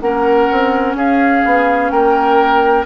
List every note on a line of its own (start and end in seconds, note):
0.00 0.48 A#3
0.00 2.86 C#4
0.00 0.97 A#4
0.00 0.95 F#5
0.51 0.95 C4
0.95 1.42 C#4
0.95 1.92 G#4
0.95 1.90 F5
1.45 1.90 B3
1.90 2.86 A#3
1.90 2.86 A#4
1.90 2.85 G5